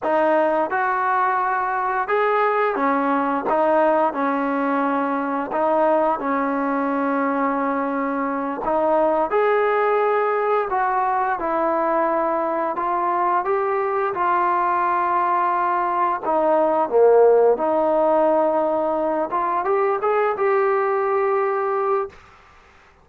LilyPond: \new Staff \with { instrumentName = "trombone" } { \time 4/4 \tempo 4 = 87 dis'4 fis'2 gis'4 | cis'4 dis'4 cis'2 | dis'4 cis'2.~ | cis'8 dis'4 gis'2 fis'8~ |
fis'8 e'2 f'4 g'8~ | g'8 f'2. dis'8~ | dis'8 ais4 dis'2~ dis'8 | f'8 g'8 gis'8 g'2~ g'8 | }